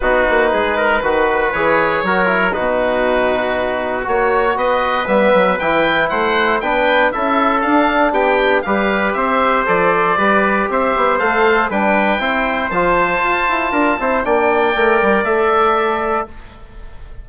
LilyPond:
<<
  \new Staff \with { instrumentName = "oboe" } { \time 4/4 \tempo 4 = 118 b'2. cis''4~ | cis''4 b'2. | cis''4 dis''4 e''4 g''4 | fis''4 g''4 e''4 f''4 |
g''4 f''4 e''4 d''4~ | d''4 e''4 f''4 g''4~ | g''4 a''2. | g''2 e''2 | }
  \new Staff \with { instrumentName = "trumpet" } { \time 4/4 fis'4 gis'8 ais'8 b'2 | ais'4 fis'2.~ | fis'4 b'2. | c''4 b'4 a'2 |
g'4 b'4 c''2 | b'4 c''2 b'4 | c''2. ais'8 c''8 | d''1 | }
  \new Staff \with { instrumentName = "trombone" } { \time 4/4 dis'2 fis'4 gis'4 | fis'8 e'8 dis'2. | fis'2 b4 e'4~ | e'4 d'4 e'4 d'4~ |
d'4 g'2 a'4 | g'2 a'4 d'4 | e'4 f'2~ f'8 e'8 | d'4 ais'4 a'2 | }
  \new Staff \with { instrumentName = "bassoon" } { \time 4/4 b8 ais8 gis4 dis4 e4 | fis4 b,2. | ais4 b4 g8 fis8 e4 | a4 b4 cis'4 d'4 |
b4 g4 c'4 f4 | g4 c'8 b8 a4 g4 | c'4 f4 f'8 e'8 d'8 c'8 | ais4 a8 g8 a2 | }
>>